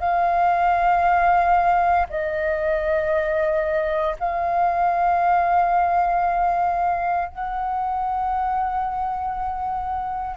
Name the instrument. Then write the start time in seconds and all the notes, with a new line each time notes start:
flute
0.00 F5
2.10 D#5
4.20 F5
7.29 F#5